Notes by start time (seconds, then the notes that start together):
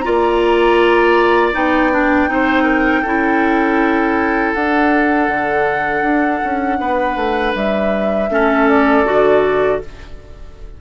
0.00 F4 D5 A#5
0.06 A#3
1.54 B3 D#4 G5
1.93 D4
2.28 C4 D#4 C5
2.64 A#4
3.02 C#4 E4 A4
4.54 D4 F#5
5.29 D3
6.03 D4
6.44 C#4
6.79 B3 B4
7.16 A3
7.55 G3 E5
8.30 A3 C#4 A4
8.69 D5
9.06 D3 F#4